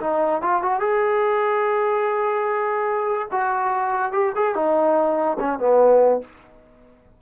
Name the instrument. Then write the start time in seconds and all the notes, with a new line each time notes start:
trombone
0.00 D#4
0.42 F4
0.62 F#4
0.80 G#4
3.31 F#4
4.12 G4
4.35 G#4
4.55 D#4
5.39 C#4
5.59 B3